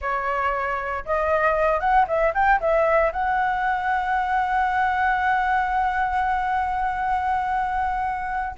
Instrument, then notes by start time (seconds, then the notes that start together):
flute
0.01 C#5
1.05 D#5
1.80 F#5
2.07 E5
2.34 G5
2.60 E5
3.12 F#5